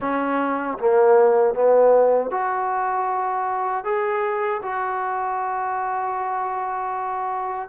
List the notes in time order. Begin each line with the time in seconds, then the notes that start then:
0.00 C#4
0.78 A#3
1.54 B3
2.30 F#4
3.84 G#4
4.62 F#4